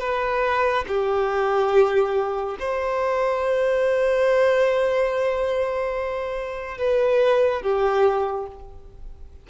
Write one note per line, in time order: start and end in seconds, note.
0.00 0.85 B4
0.88 2.57 G4
2.59 6.78 C5
6.78 7.62 B4
7.62 8.47 G4